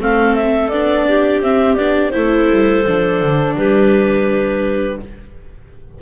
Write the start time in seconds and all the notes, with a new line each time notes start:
0.00 A3 C4 A4 F5
0.35 E5
0.69 B3 D4 D5
1.08 G4
1.39 C4 E5
1.76 B3 D4 D5
2.11 A3 E4 A4 C5
2.50 G3
2.86 F3 D4
3.22 D3
3.56 G3 G4 B4